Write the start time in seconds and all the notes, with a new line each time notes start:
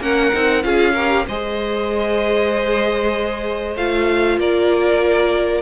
0.00 A#3 C#4 A#4 F#5
0.34 C4 D#4
0.63 C#4 F4 G#4 F5
0.94 G4 A#4
1.28 G#3 G#4 C5 D#5
3.76 A3 F4 F5
4.38 A#3 A#4 D5